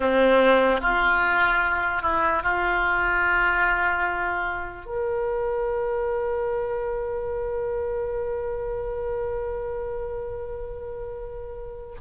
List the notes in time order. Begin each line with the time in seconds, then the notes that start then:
0.00 C4
0.81 F4
2.02 E4
2.43 F4
4.85 A#4